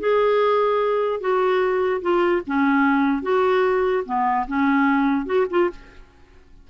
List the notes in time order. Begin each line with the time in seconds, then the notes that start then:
0.00 G#4
1.21 F#4
2.02 F4
2.47 C#4
3.23 F#4
4.06 B3
4.48 C#4
5.26 F#4
5.50 F4